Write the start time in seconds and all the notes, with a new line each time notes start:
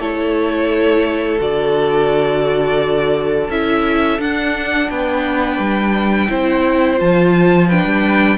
0.00 A3 E4 A4 C#5
1.39 D3 F#4 D5
3.49 C#4 E4 E5
4.19 D4 F#5
4.90 B3 B4 G5
5.59 G3
6.29 C4 E4 C5
6.98 F3 F4 A5
7.68 D4 B4 G5
7.85 G3